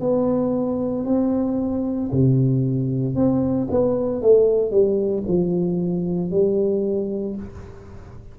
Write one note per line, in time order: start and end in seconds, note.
0.00 1.05 B3
1.05 2.10 C4
2.12 3.15 C3
3.15 3.68 C4
3.70 4.22 B3
4.22 4.71 A3
4.71 5.23 G3
5.28 6.31 F3
6.31 7.36 G3